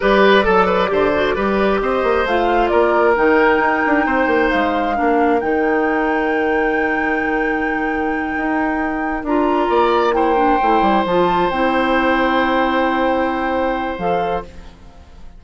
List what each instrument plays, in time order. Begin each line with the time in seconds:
0.00 bassoon G3, clarinet G4, oboe B4, flute D5
0.42 bassoon F#3, clarinet A4, oboe A4
0.66 oboe B4
0.88 bassoon D3, clarinet G4, oboe C5
1.14 clarinet F#4
1.35 bassoon G3, clarinet G4, oboe B4
1.81 bassoon C4, oboe C5, flute D#5
2.03 bassoon A#3
2.24 bassoon A3, clarinet F4, flute F5
2.68 bassoon A#3, oboe A#4, flute D5
3.15 bassoon D#3, clarinet D#4, flute G5
3.59 bassoon D#4
3.86 bassoon D4
4.06 bassoon C4, oboe C5
4.27 bassoon A#3
4.50 bassoon G#3, flute F5
4.94 bassoon A#3, clarinet D4, oboe A#4
5.40 bassoon D#3, clarinet D#4, flute G5
8.36 bassoon D#4
9.23 bassoon D4, clarinet F4, flute A#5
9.69 bassoon A#3, oboe D5
10.12 clarinet E4, oboe C5, flute G5
10.35 clarinet D4
10.61 bassoon A3, clarinet E4
10.81 bassoon G3
11.05 bassoon F3, clarinet F4, flute A5
11.50 bassoon C4, clarinet E4, flute G5
13.97 bassoon F3, clarinet A4, flute F5